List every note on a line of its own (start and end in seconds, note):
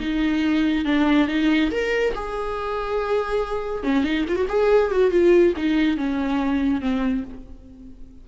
0.00 0.85 D#4
0.85 1.28 D4
1.28 1.71 D#4
1.71 2.14 A#4
2.15 3.84 G#4
3.84 4.04 C#4
4.04 4.26 D#4
4.28 4.36 F4
4.36 4.47 F#4
4.49 4.92 G#4
4.92 5.11 F#4
5.11 5.54 F4
5.57 5.97 D#4
5.97 6.81 C#4
6.81 7.24 C4